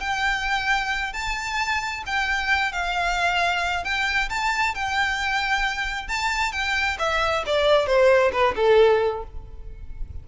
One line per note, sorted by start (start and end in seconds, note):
0.00 1.13 G5
1.13 2.03 A5
2.06 2.72 G5
2.72 3.84 F5
3.84 4.29 G5
4.29 4.74 A5
4.75 6.08 G5
6.08 6.52 A5
6.52 6.97 G5
6.98 7.43 E5
7.46 7.86 D5
7.86 8.31 C5
8.32 8.54 B4
8.56 9.23 A4